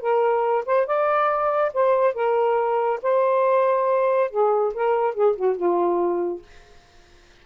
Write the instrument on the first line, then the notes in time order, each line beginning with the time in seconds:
saxophone
0.00 A#4
0.65 C5
0.86 D5
1.73 C5
2.14 A#4
3.02 C5
4.30 G#4
4.73 A#4
5.14 G#4
5.36 F#4
5.56 F4